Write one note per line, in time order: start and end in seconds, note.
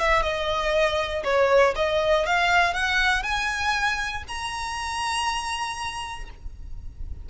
0.00 0.23 E5
0.23 1.24 D#5
1.24 1.75 C#5
1.76 2.26 D#5
2.26 2.74 F5
2.74 3.23 F#5
3.23 4.24 G#5
4.28 6.30 A#5